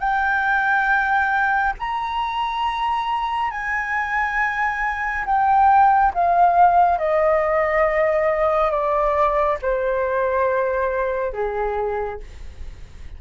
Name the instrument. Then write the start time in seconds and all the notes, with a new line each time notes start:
flute
0.00 G5
1.79 A#5
3.51 G#5
5.26 G5
6.14 F5
6.99 D#5
8.71 D5
9.62 C5
11.33 G#4